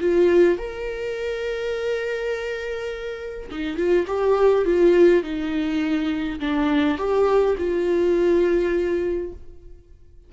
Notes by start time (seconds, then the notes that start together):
0.00 F4
0.58 A#4
3.51 D#4
3.77 F4
4.07 G4
4.65 F4
5.23 D#4
6.40 D4
6.98 G4
7.58 F4